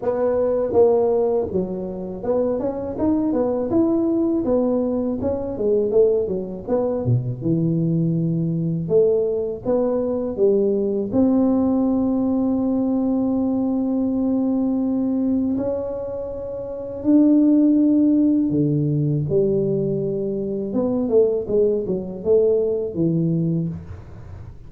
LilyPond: \new Staff \with { instrumentName = "tuba" } { \time 4/4 \tempo 4 = 81 b4 ais4 fis4 b8 cis'8 | dis'8 b8 e'4 b4 cis'8 gis8 | a8 fis8 b8 b,8 e2 | a4 b4 g4 c'4~ |
c'1~ | c'4 cis'2 d'4~ | d'4 d4 g2 | b8 a8 gis8 fis8 a4 e4 | }